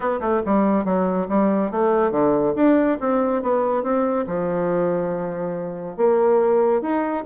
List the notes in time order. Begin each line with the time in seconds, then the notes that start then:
0.00 B3
0.20 A3
0.45 G3
0.84 F#3
1.28 G3
1.71 A3
2.11 D3
2.55 D4
3.00 C4
3.42 B3
3.83 C4
4.26 F3
5.97 A#3
6.81 D#4